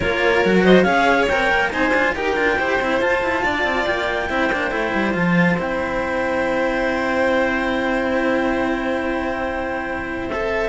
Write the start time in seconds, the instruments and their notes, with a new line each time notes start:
0.00 cello A#3 F4, violin A#4, clarinet C#5
0.44 cello F#3 F#4
0.63 violin C5, clarinet D#5
0.82 cello C#4 G#4, violin C#5, clarinet F5
1.27 cello C4 A#4, clarinet G5
1.51 cello A#3
1.70 cello C4 D#4, violin C5, clarinet G#5
1.90 cello D4 F4
2.15 cello D#4 G4, violin A#4, clarinet G5
2.36 cello D4 F4
2.57 cello E4 G4, violin C5
2.79 cello C4 E4
3.00 cello F4, clarinet A5
3.22 cello E4
3.43 cello D4, violin D5
3.63 cello C4
3.85 cello A#3, clarinet G5
4.29 cello C4 E4, violin C5
4.52 cello A#3 D4
4.70 cello A3 E4
4.94 cello G3
5.13 cello F3 F4, clarinet A5
5.58 cello C4 E4, clarinet G5
10.28 cello A4, clarinet E5